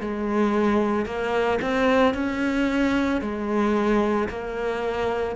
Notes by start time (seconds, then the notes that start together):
0.00 G#3
1.06 A#3
1.62 C4
2.14 C#4
3.21 G#3
4.29 A#3